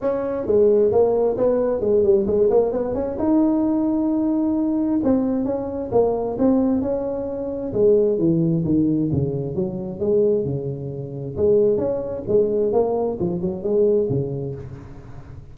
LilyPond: \new Staff \with { instrumentName = "tuba" } { \time 4/4 \tempo 4 = 132 cis'4 gis4 ais4 b4 | gis8 g8 gis8 ais8 b8 cis'8 dis'4~ | dis'2. c'4 | cis'4 ais4 c'4 cis'4~ |
cis'4 gis4 e4 dis4 | cis4 fis4 gis4 cis4~ | cis4 gis4 cis'4 gis4 | ais4 f8 fis8 gis4 cis4 | }